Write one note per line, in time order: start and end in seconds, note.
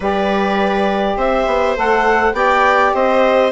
0.00 1.16 G3
0.00 1.76 G4
0.00 1.16 B4
0.00 1.18 D5
1.16 1.45 C4
1.16 2.35 C5
1.16 1.77 E5
1.46 1.75 B3
1.76 2.32 A3
1.76 2.32 A4
1.76 2.34 F#5
2.32 2.91 B3
2.32 3.50 G4
2.32 2.94 D5
2.32 2.93 G5
2.93 3.52 C4
2.93 3.52 C5
2.93 3.52 D#5